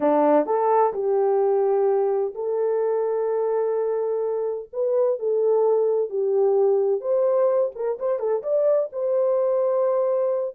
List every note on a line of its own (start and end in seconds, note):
0.00 0.45 D4
0.45 0.92 A4
0.93 2.34 G4
2.34 4.69 A4
4.72 5.19 B4
5.19 6.09 A4
6.09 7.00 G4
7.00 7.71 C5
7.75 7.98 A#4
7.99 8.19 C5
8.19 8.42 A4
8.42 8.89 D5
8.92 10.55 C5